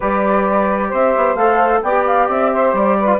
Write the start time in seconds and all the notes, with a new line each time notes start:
0.00 G3 G4 B4 D5
0.88 C4 C5 E5
1.16 B3
1.35 A3 A4 F5
1.82 B3 G4 D5 G5
2.06 F5
2.28 C4 E5
2.52 C5
2.73 G3 D5
2.99 B4
3.05 F4